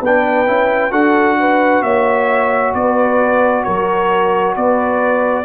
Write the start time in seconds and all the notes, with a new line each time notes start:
0.00 B3 D4 B4 G5
0.46 C#4 E4
0.90 D4 F#4 A4 F#5
1.39 B4
1.82 A#3 C#5 E5
2.74 B3 B4 D5
3.63 F#3 A#4 C#5
4.56 B3 B4 D5